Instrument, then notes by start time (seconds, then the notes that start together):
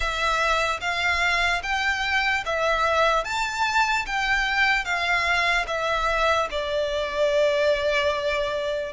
violin
0.00 E5
0.80 F5
1.62 G5
2.45 E5
3.24 A5
4.06 G5
4.84 F5
5.67 E5
6.50 D5